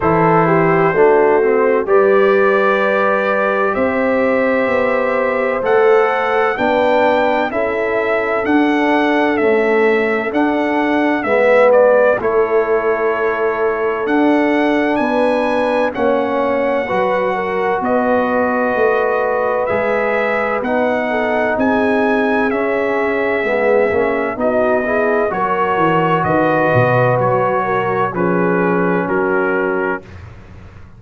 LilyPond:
<<
  \new Staff \with { instrumentName = "trumpet" } { \time 4/4 \tempo 4 = 64 c''2 d''2 | e''2 fis''4 g''4 | e''4 fis''4 e''4 fis''4 | e''8 d''8 cis''2 fis''4 |
gis''4 fis''2 dis''4~ | dis''4 e''4 fis''4 gis''4 | e''2 dis''4 cis''4 | dis''4 cis''4 b'4 ais'4 | }
  \new Staff \with { instrumentName = "horn" } { \time 4/4 a'8 g'8 fis'4 b'2 | c''2. b'4 | a'1 | b'4 a'2. |
b'4 cis''4 b'8 ais'8 b'4~ | b'2~ b'8 a'8 gis'4~ | gis'2 fis'8 gis'8 ais'4 | b'4. ais'8 gis'4 fis'4 | }
  \new Staff \with { instrumentName = "trombone" } { \time 4/4 e'4 d'8 c'8 g'2~ | g'2 a'4 d'4 | e'4 d'4 a4 d'4 | b4 e'2 d'4~ |
d'4 cis'4 fis'2~ | fis'4 gis'4 dis'2 | cis'4 b8 cis'8 dis'8 e'8 fis'4~ | fis'2 cis'2 | }
  \new Staff \with { instrumentName = "tuba" } { \time 4/4 e4 a4 g2 | c'4 b4 a4 b4 | cis'4 d'4 cis'4 d'4 | gis4 a2 d'4 |
b4 ais4 fis4 b4 | a4 gis4 b4 c'4 | cis'4 gis8 ais8 b4 fis8 e8 | dis8 b,8 fis4 f4 fis4 | }
>>